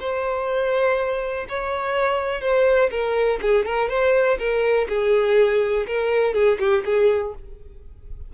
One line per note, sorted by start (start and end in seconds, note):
0.00 1.46 C5
1.49 2.41 C#5
2.41 2.90 C5
2.91 3.40 A#4
3.42 3.65 G#4
3.65 3.90 A#4
3.90 4.38 C5
4.39 4.88 A#4
4.89 5.86 G#4
5.87 6.34 A#4
6.34 6.59 G#4
6.59 6.84 G4
6.85 7.34 G#4